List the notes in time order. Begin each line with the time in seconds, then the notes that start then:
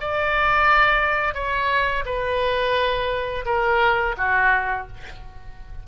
0.00 D5
1.34 C#5
2.05 B4
3.45 A#4
4.17 F#4